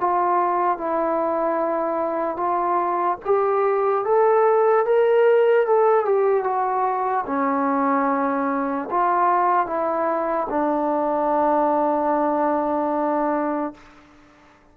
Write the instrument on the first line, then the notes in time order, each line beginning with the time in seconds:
trombone
0.00 F4
0.78 E4
2.37 F4
3.25 G4
4.05 A4
4.86 A#4
5.66 A4
6.05 G4
6.44 F#4
7.26 C#4
8.90 F4
9.66 E4
10.50 D4